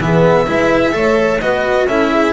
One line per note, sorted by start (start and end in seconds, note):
0.00 0.47 E3
0.00 0.47 B3
0.00 0.47 G#4
0.00 1.41 E5
0.47 0.94 G#3
0.47 0.93 E4
0.47 0.94 B4
0.93 1.41 A3
0.93 1.39 A4
0.93 1.41 C#5
1.41 1.85 B3
1.41 1.89 F#4
1.41 1.87 B4
1.41 1.87 D#5
1.85 2.32 C#4
1.85 2.33 E4
1.85 2.11 A4
1.85 2.33 E5
2.11 2.33 G#4